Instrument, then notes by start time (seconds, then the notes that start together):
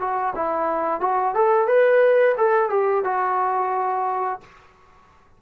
trombone
0.00 F#4
0.36 E4
1.01 F#4
1.35 A4
1.67 B4
2.37 A4
2.70 G4
3.04 F#4